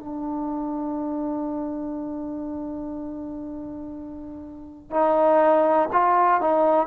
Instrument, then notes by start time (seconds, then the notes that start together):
trombone
0.00 D4
4.91 D#4
5.93 F4
6.41 D#4